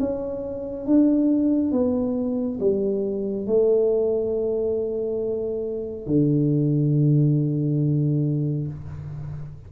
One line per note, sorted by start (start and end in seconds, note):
0.00 0.87 C#4
0.87 1.72 D4
1.72 2.59 B3
2.60 3.47 G3
3.47 6.07 A3
6.07 8.68 D3